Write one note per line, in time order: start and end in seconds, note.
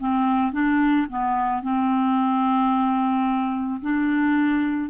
0.00 0.53 C4
0.53 1.07 D4
1.10 1.63 B3
1.63 3.81 C4
3.82 4.90 D4